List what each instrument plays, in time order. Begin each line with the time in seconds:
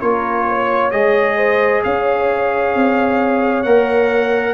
0.00 tuba A#3, trombone F4, horn A#4, trumpet C#5
0.48 horn C#5
0.91 tuba G#3, trombone G#4, trumpet D#5
1.36 horn C5
1.84 tuba C#4, horn C#5, trumpet F5
2.75 tuba C4
3.63 tuba A#3, trombone A#4, trumpet F#5